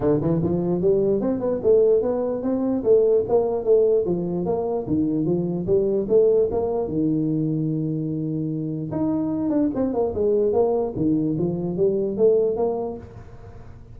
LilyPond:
\new Staff \with { instrumentName = "tuba" } { \time 4/4 \tempo 4 = 148 d8 e8 f4 g4 c'8 b8 | a4 b4 c'4 a4 | ais4 a4 f4 ais4 | dis4 f4 g4 a4 |
ais4 dis2.~ | dis2 dis'4. d'8 | c'8 ais8 gis4 ais4 dis4 | f4 g4 a4 ais4 | }